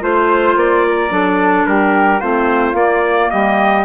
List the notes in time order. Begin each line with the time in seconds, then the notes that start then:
0.00 A3 F4 C5
0.56 A#3 D5
0.87 A#4
1.09 F#3 D4 A4
1.66 G3 G4 A#4
2.20 A3 C4 F4 C5
2.73 A#3 D5
3.30 G3 G4 D#5